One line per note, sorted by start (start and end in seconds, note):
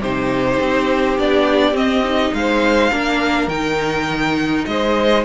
0.00 0.58 C3
0.00 1.18 D#4
0.00 2.33 G4
0.00 1.19 C5
0.60 1.18 C4
1.18 1.72 B3
1.18 1.73 D4
1.18 1.77 D5
1.72 2.30 C4
1.72 2.02 C4
1.72 2.34 D#5
2.04 2.91 D#4
2.33 2.92 G#3
2.33 2.92 C5
2.33 3.48 F5
2.91 3.47 A#3
2.91 3.50 D4
2.91 4.67 A#4
3.47 4.64 D#3
3.47 5.25 D#4
3.47 4.65 G5
4.65 5.25 G#3
4.65 5.25 C5
4.65 5.24 D#5